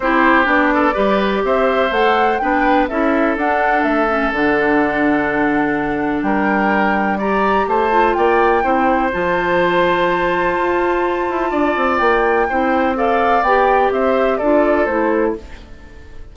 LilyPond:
<<
  \new Staff \with { instrumentName = "flute" } { \time 4/4 \tempo 4 = 125 c''4 d''2 e''4 | fis''4 g''4 e''4 fis''4 | e''4 fis''2.~ | fis''4 g''2 ais''4 |
a''4 g''2 a''4~ | a''1~ | a''4 g''2 f''4 | g''4 e''4 d''4 c''4 | }
  \new Staff \with { instrumentName = "oboe" } { \time 4/4 g'4. a'8 b'4 c''4~ | c''4 b'4 a'2~ | a'1~ | a'4 ais'2 d''4 |
c''4 d''4 c''2~ | c''1 | d''2 c''4 d''4~ | d''4 c''4 a'2 | }
  \new Staff \with { instrumentName = "clarinet" } { \time 4/4 e'4 d'4 g'2 | a'4 d'4 e'4 d'4~ | d'8 cis'8 d'2.~ | d'2. g'4~ |
g'8 f'4. e'4 f'4~ | f'1~ | f'2 e'4 a'4 | g'2 f'4 e'4 | }
  \new Staff \with { instrumentName = "bassoon" } { \time 4/4 c'4 b4 g4 c'4 | a4 b4 cis'4 d'4 | a4 d2.~ | d4 g2. |
a4 ais4 c'4 f4~ | f2 f'4. e'8 | d'8 c'8 ais4 c'2 | b4 c'4 d'4 a4 | }
>>